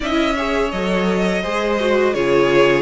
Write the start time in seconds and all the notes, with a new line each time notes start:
0.00 C#4 E4 D#5 E5
0.35 G#4 C#5
0.71 F#3 A4 D#5
1.42 G#3 G#4 C5
1.79 F#4
2.13 C#3 F4 G#4 C#5